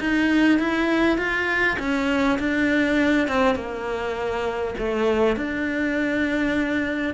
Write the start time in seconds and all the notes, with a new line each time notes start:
0.00 D#4
0.59 E4
1.18 F4
1.79 C#4
2.39 D4
3.28 C4
3.55 A#3
4.78 A3
5.36 D4